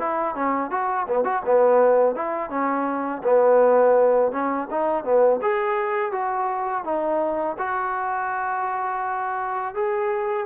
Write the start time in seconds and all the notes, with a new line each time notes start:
0.00 E4
0.35 C#4
0.71 F#4
1.08 B3
1.25 F#4
1.46 B3
2.16 E4
2.50 C#4
3.24 B3
4.32 C#4
4.71 D#4
5.05 B3
5.42 G#4
6.12 F#4
6.85 D#4
7.59 F#4
9.75 G#4